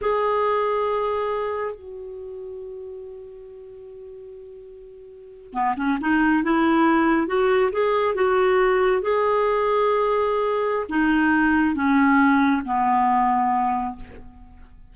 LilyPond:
\new Staff \with { instrumentName = "clarinet" } { \time 4/4 \tempo 4 = 138 gis'1 | fis'1~ | fis'1~ | fis'8. b8 cis'8 dis'4 e'4~ e'16~ |
e'8. fis'4 gis'4 fis'4~ fis'16~ | fis'8. gis'2.~ gis'16~ | gis'4 dis'2 cis'4~ | cis'4 b2. | }